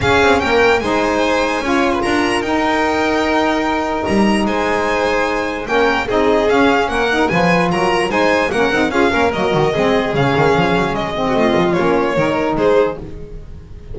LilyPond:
<<
  \new Staff \with { instrumentName = "violin" } { \time 4/4 \tempo 4 = 148 f''4 g''4 gis''2~ | gis''4 ais''4 g''2~ | g''2 ais''4 gis''4~ | gis''2 g''4 dis''4 |
f''4 fis''4 gis''4 ais''4 | gis''4 fis''4 f''4 dis''4~ | dis''4 f''2 dis''4~ | dis''4 cis''2 c''4 | }
  \new Staff \with { instrumentName = "violin" } { \time 4/4 gis'4 ais'4 c''2 | cis''8. b'16 ais'2.~ | ais'2. c''4~ | c''2 ais'4 gis'4~ |
gis'4 ais'4 b'4 ais'4 | c''4 ais'4 gis'8 ais'4. | gis'2.~ gis'8. fis'16 | f'2 ais'4 gis'4 | }
  \new Staff \with { instrumentName = "saxophone" } { \time 4/4 cis'2 dis'2 | f'2 dis'2~ | dis'1~ | dis'2 cis'4 dis'4 |
cis'4. dis'8 f'2 | dis'4 cis'8 dis'8 f'8 cis'8 ais8 fis'8 | c'4 cis'2~ cis'8 c'8~ | c'4 cis'4 dis'2 | }
  \new Staff \with { instrumentName = "double bass" } { \time 4/4 cis'8 c'8 ais4 gis2 | cis'4 d'4 dis'2~ | dis'2 g4 gis4~ | gis2 ais4 c'4 |
cis'4 ais4 f4 fis4 | gis4 ais8 c'8 cis'8 ais8 fis8 dis8 | gis4 cis8 dis8 f8 fis8 gis4 | a8 f8 ais4 dis4 gis4 | }
>>